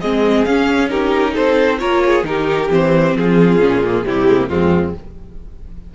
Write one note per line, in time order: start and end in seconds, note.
0.00 0.46 G#3
0.00 0.47 C4
0.00 0.90 G#4
0.00 0.44 D#5
0.44 1.36 C#4
0.44 0.89 C#4
0.44 0.89 F5
0.89 1.78 D#4
0.89 1.33 G4
0.89 1.34 A#4
1.33 1.81 C4
1.33 1.78 A4
1.33 1.79 C5
1.79 2.23 A#3
1.79 2.23 F4
1.79 2.03 A#4
1.79 2.23 C#5
2.06 2.28 G#4
2.23 2.68 D#3
2.23 2.69 D#4
2.23 3.18 G4
2.23 2.70 A#4
2.70 3.15 E3
2.70 3.60 C4
2.70 3.17 C5
3.15 3.59 F3
3.15 4.06 F4
3.15 4.06 G#4
3.59 4.03 A#2
3.59 3.82 C#4
3.84 4.05 A#3
4.05 4.49 C3
4.05 4.26 G3
4.05 4.49 E4
4.05 4.49 G4
4.26 4.38 G#3
4.39 4.49 A#3
4.49 4.95 F2
4.49 4.94 G#3
4.49 4.94 C4
4.49 4.94 F4